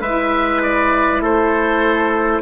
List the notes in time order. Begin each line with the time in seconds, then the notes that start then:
0.00 G#3 E4 B4 E5
0.62 D5
1.20 A3 A4 C5